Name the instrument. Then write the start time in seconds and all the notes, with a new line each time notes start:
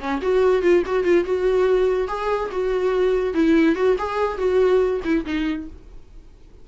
viola
0.00 C#4
0.22 F#4
0.63 F4
0.86 F#4
1.05 F4
1.25 F#4
2.08 G#4
2.52 F#4
3.34 E4
3.76 F#4
3.99 G#4
4.38 F#4
5.04 E4
5.26 D#4